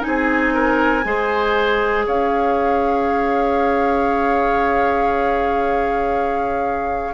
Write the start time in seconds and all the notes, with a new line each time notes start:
0.00 D#4 G#5
0.07 C4 G#4
0.54 A#4
1.04 G#3 G#4 C5
2.06 C#4 C#5 F5